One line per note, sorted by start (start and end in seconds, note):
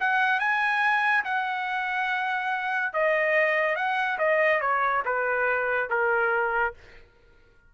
0.00 0.40 F#5
0.40 1.24 G#5
1.24 2.93 F#5
2.93 3.76 D#5
3.76 4.18 F#5
4.19 4.61 D#5
4.61 5.03 C#5
5.05 5.89 B4
5.89 6.74 A#4